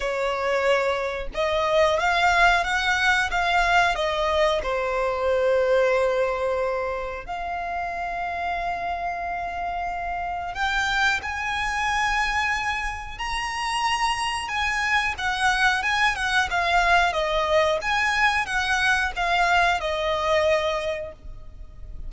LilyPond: \new Staff \with { instrumentName = "violin" } { \time 4/4 \tempo 4 = 91 cis''2 dis''4 f''4 | fis''4 f''4 dis''4 c''4~ | c''2. f''4~ | f''1 |
g''4 gis''2. | ais''2 gis''4 fis''4 | gis''8 fis''8 f''4 dis''4 gis''4 | fis''4 f''4 dis''2 | }